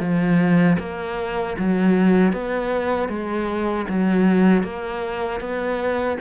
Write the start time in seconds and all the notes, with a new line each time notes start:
0.00 F3
0.79 A#3
1.58 F#3
2.33 B3
3.09 G#3
3.89 F#3
4.63 A#3
5.40 B3